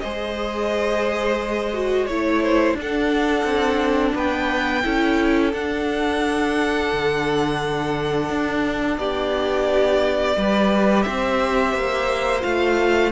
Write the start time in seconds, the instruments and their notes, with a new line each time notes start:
0.00 cello G#3, viola G#4, violin C5 D#5
1.74 viola F#4
2.06 cello A3, viola E4, violin C#5
2.43 violin C5
2.74 cello D4, viola D4
2.81 violin A4 F#5
3.44 cello C4
4.15 cello B3, violin B4 G5
4.83 cello C#4, viola E4, violin A4
5.54 cello D4, viola D4, violin F#5
6.93 cello D3
8.30 cello D4
8.98 cello B3, violin G4 D5
10.37 cello G3, viola G4, violin B4
11.03 cello C4, violin C5 E5
11.74 cello A#3
12.42 cello A3, viola F4, violin F5